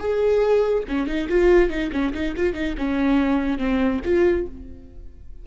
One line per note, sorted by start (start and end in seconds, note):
0.00 0.84 G#4
0.89 1.07 C#4
1.07 1.28 D#4
1.29 1.70 F4
1.70 1.91 D#4
1.93 2.14 C#4
2.14 2.35 D#4
2.37 2.54 F4
2.54 2.75 D#4
2.78 3.59 C#4
3.59 4.01 C4
4.05 4.47 F4